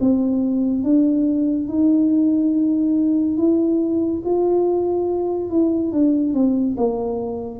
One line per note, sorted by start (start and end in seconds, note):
0.00 0.83 C4
0.83 1.68 D4
1.68 3.37 D#4
3.37 4.22 E4
4.24 5.50 F4
5.50 5.92 E4
5.92 6.33 D4
6.33 6.76 C4
6.77 7.59 A#3